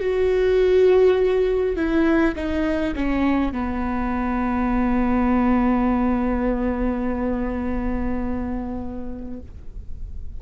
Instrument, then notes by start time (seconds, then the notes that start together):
viola
0.00 F#4
1.76 E4
2.36 D#4
2.96 C#4
3.52 B3